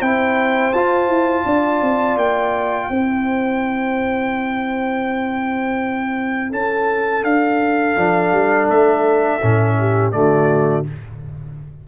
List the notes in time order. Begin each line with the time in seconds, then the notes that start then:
0.00 C4 E4 C5 G5
0.73 F4 A5
1.08 E4
1.46 D4 D5
1.82 C4
2.17 A#3 G5
2.91 C4 E4 C5
6.50 C#4 A4 A5
7.24 D4 F5
7.97 F3 D4
8.33 G3
8.70 A3 E5
9.42 A2 C#4
9.79 G4
10.12 D3 A3 F#4 D5